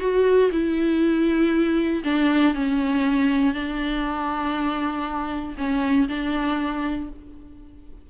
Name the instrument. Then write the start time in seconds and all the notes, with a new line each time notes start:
viola
0.00 F#4
0.52 E4
2.04 D4
2.54 C#4
3.54 D4
5.58 C#4
6.09 D4